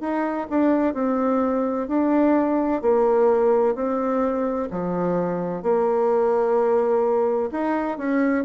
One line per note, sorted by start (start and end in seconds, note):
0.00 0.47 D#4
0.49 0.94 D4
0.94 1.87 C4
1.88 2.82 D4
2.82 3.75 A#3
3.75 4.68 C4
4.70 5.62 F3
5.62 7.50 A#3
7.51 7.98 D#4
7.98 8.45 C#4